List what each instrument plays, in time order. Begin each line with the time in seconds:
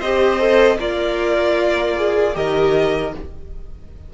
0.00 cello C4, viola G4, violin C5 D#5
0.40 viola A4
0.79 cello A#3, violin F4 D5, viola A#4
1.96 viola G#4
2.34 cello D#3, viola G4, violin A#4 D#5